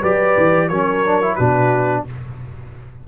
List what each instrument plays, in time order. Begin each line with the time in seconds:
0.00 tuba F#3, trombone G4, horn B4, trumpet D5
0.37 tuba E3
0.68 tuba F#3, trombone C#4, horn A#4, trumpet C#5
1.06 trombone D4
1.22 trombone E4
1.35 tuba B2, trombone D4, horn F#4, trumpet B4